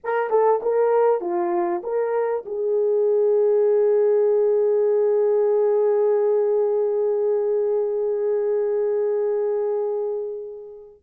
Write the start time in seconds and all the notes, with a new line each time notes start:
0.04 A#4
0.30 A4
0.62 A#4
1.21 F4
1.83 A#4
2.45 G#4